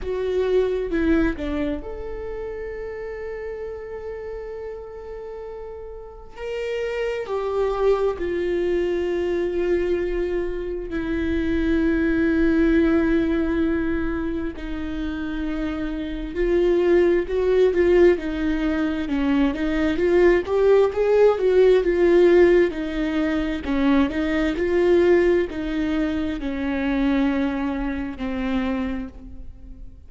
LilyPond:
\new Staff \with { instrumentName = "viola" } { \time 4/4 \tempo 4 = 66 fis'4 e'8 d'8 a'2~ | a'2. ais'4 | g'4 f'2. | e'1 |
dis'2 f'4 fis'8 f'8 | dis'4 cis'8 dis'8 f'8 g'8 gis'8 fis'8 | f'4 dis'4 cis'8 dis'8 f'4 | dis'4 cis'2 c'4 | }